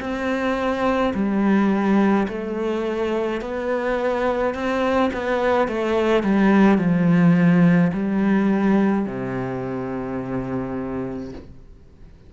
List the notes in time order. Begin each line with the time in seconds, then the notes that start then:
0.00 C4
1.14 G3
2.28 A3
3.41 B3
4.54 C4
5.14 B3
5.68 A3
6.23 G3
6.78 F3
7.93 G3
9.06 C3